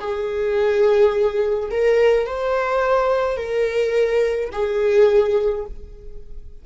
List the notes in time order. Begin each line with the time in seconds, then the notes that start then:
0.00 G#4
1.71 A#4
2.26 C5
3.37 A#4
4.52 G#4